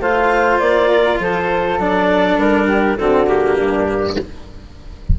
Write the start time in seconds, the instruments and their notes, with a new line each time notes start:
0.00 bassoon A3, cello F4, flute C5, clarinet F5
0.60 bassoon A#3, clarinet D5
0.90 flute A#4
1.19 bassoon F3, flute A4, clarinet C5
1.78 bassoon F#3, cello D4, clarinet D5
2.38 bassoon G3, clarinet A#4
2.67 flute G4
2.97 bassoon D3, cello C4, flute F#4, clarinet A4
3.27 cello A#3, clarinet G4
3.56 bassoon G2, flute D4